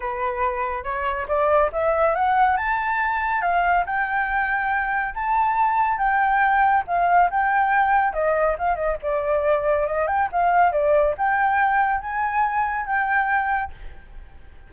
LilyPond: \new Staff \with { instrumentName = "flute" } { \time 4/4 \tempo 4 = 140 b'2 cis''4 d''4 | e''4 fis''4 a''2 | f''4 g''2. | a''2 g''2 |
f''4 g''2 dis''4 | f''8 dis''8 d''2 dis''8 g''8 | f''4 d''4 g''2 | gis''2 g''2 | }